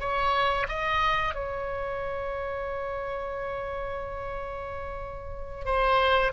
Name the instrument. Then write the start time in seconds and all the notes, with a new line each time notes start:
oboe
0.00 C#5
0.68 D#5
1.34 C#5
5.65 C5